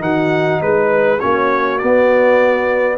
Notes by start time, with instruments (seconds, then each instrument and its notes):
0.00 tuba D#3, trombone D#4, horn F#4, trumpet F#5
0.61 tuba G#3, horn B4, trumpet B4
1.19 tuba A#3, trombone C#4, horn F#4, trumpet C#5
1.78 trombone B3, tuba B3, trumpet D5